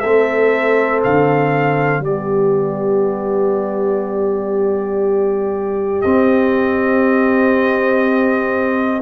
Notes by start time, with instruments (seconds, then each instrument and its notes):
0.00 tuba A3, trombone C4, horn A4, trumpet E5
1.04 tuba D3, trumpet F5
2.00 tuba G3, trombone B3, horn G4, trumpet D5
6.02 trombone C4, tuba C4, trumpet D#5